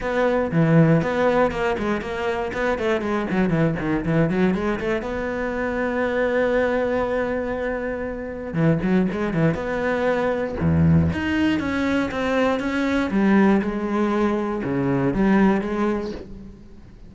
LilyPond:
\new Staff \with { instrumentName = "cello" } { \time 4/4 \tempo 4 = 119 b4 e4 b4 ais8 gis8 | ais4 b8 a8 gis8 fis8 e8 dis8 | e8 fis8 gis8 a8 b2~ | b1~ |
b4 e8 fis8 gis8 e8 b4~ | b4 e,4 dis'4 cis'4 | c'4 cis'4 g4 gis4~ | gis4 cis4 g4 gis4 | }